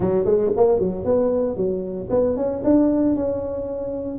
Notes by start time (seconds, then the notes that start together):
0.00 F#3
0.25 G#3
0.56 A#3
0.79 F#3
1.04 B3
1.56 F#3
2.10 B3
2.36 C#4
2.63 D4
3.15 C#4